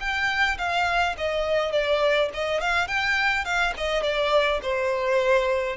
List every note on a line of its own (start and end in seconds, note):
0.00 0.58 G5
0.58 1.16 F5
1.18 1.72 D#5
1.72 2.30 D5
2.34 2.61 D#5
2.61 2.88 F5
2.88 3.45 G5
3.45 3.74 F5
3.77 4.03 D#5
4.03 4.61 D5
4.62 5.77 C5